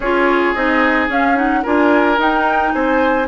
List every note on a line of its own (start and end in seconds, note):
0.00 0.53 C#4
0.00 0.56 F4
0.00 1.60 G#4
0.00 0.54 C#5
0.54 1.08 C4
0.54 1.09 D#4
0.54 1.08 D#5
1.08 1.62 C#4
1.08 1.35 C#4
1.08 1.37 F5
1.35 1.62 D#4
1.35 1.64 F#5
1.62 2.18 D4
1.62 2.17 F4
1.62 2.71 A#4
1.62 2.19 G#5
2.17 3.26 D#4
2.17 2.72 D#4
2.17 2.72 G5
2.72 3.27 C4
2.72 3.27 C5
2.72 3.27 G#5